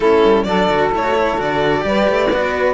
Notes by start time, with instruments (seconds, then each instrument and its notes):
0.00 cello A3 C#4, saxophone E4, violin A4
0.24 cello G3
0.43 cello F#3 D4, saxophone A4, violin D5
0.68 cello D3 F#4
0.93 cello A3 E4, violin C#5
1.03 cello F#4
1.14 cello E4
1.37 cello D3 F#4, violin D5
1.81 cello G3 G4, saxophone B4
2.08 cello A3
2.31 cello B3 F#4